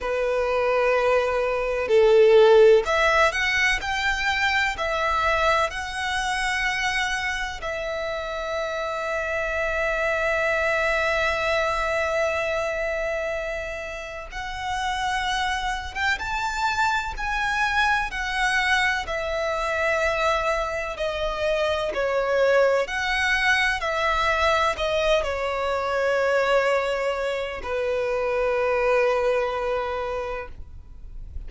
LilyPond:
\new Staff \with { instrumentName = "violin" } { \time 4/4 \tempo 4 = 63 b'2 a'4 e''8 fis''8 | g''4 e''4 fis''2 | e''1~ | e''2. fis''4~ |
fis''8. g''16 a''4 gis''4 fis''4 | e''2 dis''4 cis''4 | fis''4 e''4 dis''8 cis''4.~ | cis''4 b'2. | }